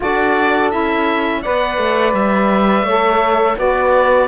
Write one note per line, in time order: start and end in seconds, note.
0.00 0.73 D4
0.00 0.70 F#4
0.00 1.42 A4
0.00 0.70 D5
0.70 1.44 C#4
0.70 1.42 E4
0.70 1.42 E5
1.42 1.77 B3
1.42 2.87 B4
1.42 2.85 D5
1.42 2.13 F#5
1.77 2.13 A3
2.13 2.82 G3
2.13 3.57 E5
2.82 3.54 A3
2.82 3.56 A4
2.82 3.56 C#5
3.56 4.27 B3
3.56 4.27 F#4
3.56 4.27 B4
3.56 4.27 D5